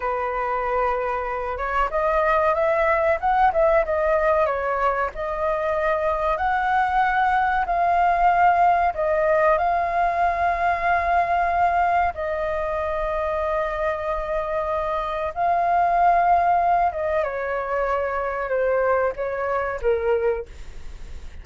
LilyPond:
\new Staff \with { instrumentName = "flute" } { \time 4/4 \tempo 4 = 94 b'2~ b'8 cis''8 dis''4 | e''4 fis''8 e''8 dis''4 cis''4 | dis''2 fis''2 | f''2 dis''4 f''4~ |
f''2. dis''4~ | dis''1 | f''2~ f''8 dis''8 cis''4~ | cis''4 c''4 cis''4 ais'4 | }